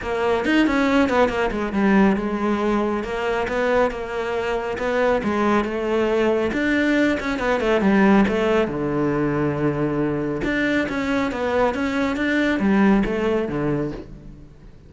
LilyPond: \new Staff \with { instrumentName = "cello" } { \time 4/4 \tempo 4 = 138 ais4 dis'8 cis'4 b8 ais8 gis8 | g4 gis2 ais4 | b4 ais2 b4 | gis4 a2 d'4~ |
d'8 cis'8 b8 a8 g4 a4 | d1 | d'4 cis'4 b4 cis'4 | d'4 g4 a4 d4 | }